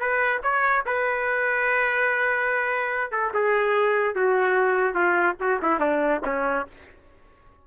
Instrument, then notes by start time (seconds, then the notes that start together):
trumpet
0.00 B4
0.43 C#5
0.86 B4
3.12 A4
3.34 G#4
4.15 F#4
4.94 F4
5.40 F#4
5.62 E4
5.80 D4
6.26 C#4